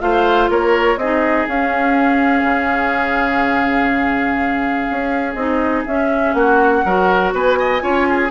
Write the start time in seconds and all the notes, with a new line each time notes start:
0.00 A3 F4 C5 F5
0.49 A#3 A#4 C#5
0.97 C4 G#4 D#5
1.03 D#4
1.48 C#4 F5
2.43 C#3
4.90 C#4
5.34 C4 D#4 D#5
5.86 C#4 E5
6.34 A#3 F#4 F#5
6.85 F#3 F#4 A#4
7.33 B3 B4 G#5
7.59 D#5
7.80 C#4 F4 C#5
8.10 G#4